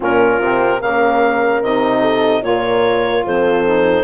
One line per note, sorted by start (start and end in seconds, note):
0.00 0.40 A#2
0.00 0.40 C#4
0.00 0.79 F4
0.00 0.81 A#4
0.40 0.80 C3
0.40 0.81 C4
0.80 1.62 C#3
0.80 1.62 A#3
0.80 2.01 A#4
0.80 1.62 F5
1.62 2.42 C3
1.62 2.41 D#4
1.62 2.43 D#5
2.01 2.41 A4
2.41 3.23 A#2
2.41 3.63 F4
2.41 3.25 A#4
2.41 3.24 C#5
3.25 4.04 F2
3.25 4.04 A4
3.25 4.04 C5
3.65 4.04 D#4